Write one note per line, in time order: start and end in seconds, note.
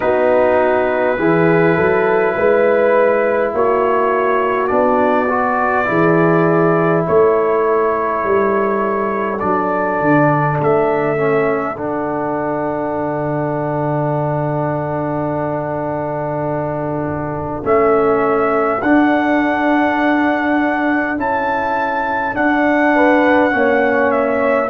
0.00 1.18 B3
0.00 1.17 D#4
0.00 1.18 F#4
0.00 3.52 B4
1.17 1.77 E3
1.17 4.68 E4
1.17 1.76 G#4
1.76 2.36 F#3
1.76 2.35 A4
2.36 3.53 G#3
2.36 3.54 B4
3.53 4.70 A#3
3.53 5.87 F#4
3.53 4.67 C#5
4.67 5.88 B3
4.67 5.27 D4
4.67 7.02 D5
5.29 5.85 F#4
5.85 7.06 E3
5.85 9.37 E4
5.85 7.05 G#4
7.07 8.24 A3
7.07 22.94 A4
7.07 9.39 C#5
8.24 9.41 G3
9.39 10.00 F#3
9.39 11.16 D4
9.39 10.57 D5
10.00 10.59 D3
10.60 11.76 A3
10.60 11.76 E5
11.16 11.75 C#4
11.76 17.64 D3
11.76 17.63 D4
11.76 17.64 F#5
17.63 18.81 A3
17.63 18.80 C#4
17.63 18.82 E5
18.82 21.17 D4
18.82 21.17 F#5
21.17 22.35 C#4
21.17 22.33 E4
21.17 22.35 A5
22.33 23.50 D4
22.33 23.53 D4
22.33 24.11 F#5
22.94 23.53 B4
23.50 24.69 A#3
23.50 24.67 C#4
23.50 24.69 C#5
24.11 24.69 E5